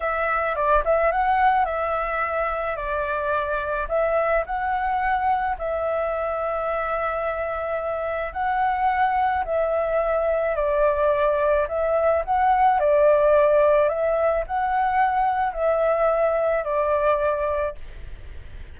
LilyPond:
\new Staff \with { instrumentName = "flute" } { \time 4/4 \tempo 4 = 108 e''4 d''8 e''8 fis''4 e''4~ | e''4 d''2 e''4 | fis''2 e''2~ | e''2. fis''4~ |
fis''4 e''2 d''4~ | d''4 e''4 fis''4 d''4~ | d''4 e''4 fis''2 | e''2 d''2 | }